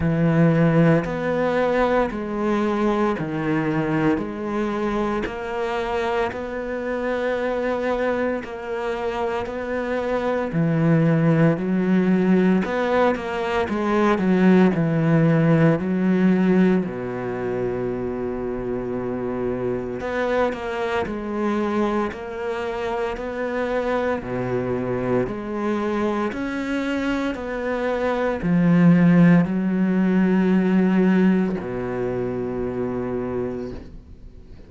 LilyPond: \new Staff \with { instrumentName = "cello" } { \time 4/4 \tempo 4 = 57 e4 b4 gis4 dis4 | gis4 ais4 b2 | ais4 b4 e4 fis4 | b8 ais8 gis8 fis8 e4 fis4 |
b,2. b8 ais8 | gis4 ais4 b4 b,4 | gis4 cis'4 b4 f4 | fis2 b,2 | }